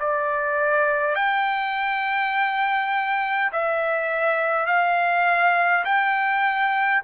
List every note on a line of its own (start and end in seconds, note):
0.00 1.16 D5
1.16 3.51 G5
3.52 4.67 E5
4.67 5.84 F5
5.85 7.03 G5